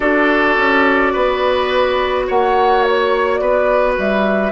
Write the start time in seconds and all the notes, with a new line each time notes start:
0.00 D4 F#4 A4 D5
0.57 C#4
1.12 B3 B4
2.27 A#3 C#5 F#5
2.84 C#5
3.35 B3 B4 D5
3.97 G3 E5